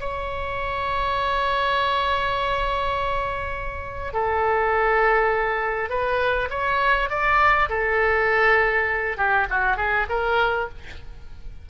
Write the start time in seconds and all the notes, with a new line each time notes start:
0.00 C#5
4.14 A4
5.90 B4
6.50 C#5
7.10 D5
7.70 A4
9.17 G4
9.50 F#4
9.77 G#4
10.10 A#4